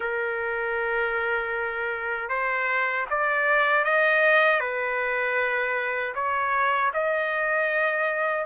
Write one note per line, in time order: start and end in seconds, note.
0.00 2.29 A#4
2.29 3.06 C5
3.10 3.84 D5
3.84 4.60 D#5
4.60 6.14 B4
6.14 6.91 C#5
6.93 8.45 D#5